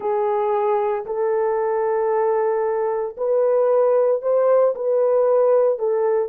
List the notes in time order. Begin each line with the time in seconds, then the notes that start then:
0.00 G#4
1.05 A4
3.17 B4
4.22 C5
4.75 B4
5.78 A4